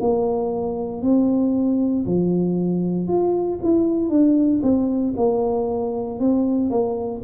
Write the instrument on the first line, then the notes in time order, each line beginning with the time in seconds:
tuba
0.00 A#3
1.02 C4
2.06 F3
3.08 F4
3.63 E4
4.09 D4
4.62 C4
5.17 A#3
6.19 C4
6.70 A#3